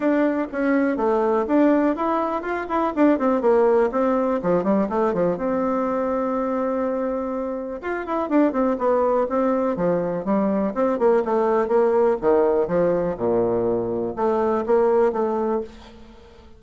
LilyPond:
\new Staff \with { instrumentName = "bassoon" } { \time 4/4 \tempo 4 = 123 d'4 cis'4 a4 d'4 | e'4 f'8 e'8 d'8 c'8 ais4 | c'4 f8 g8 a8 f8 c'4~ | c'1 |
f'8 e'8 d'8 c'8 b4 c'4 | f4 g4 c'8 ais8 a4 | ais4 dis4 f4 ais,4~ | ais,4 a4 ais4 a4 | }